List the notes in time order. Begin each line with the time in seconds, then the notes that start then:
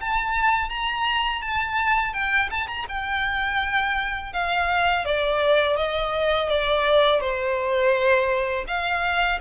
0.00 A5
0.69 A#5
1.42 A5
2.13 G5
2.50 A5
2.67 A#5
2.88 G5
4.33 F5
5.05 D5
5.76 D#5
6.49 D5
7.20 C5
8.67 F5